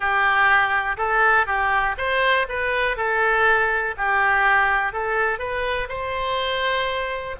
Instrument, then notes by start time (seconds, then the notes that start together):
oboe
0.00 G4
0.97 A4
1.46 G4
1.97 C5
2.48 B4
2.96 A4
3.97 G4
4.92 A4
5.39 B4
5.88 C5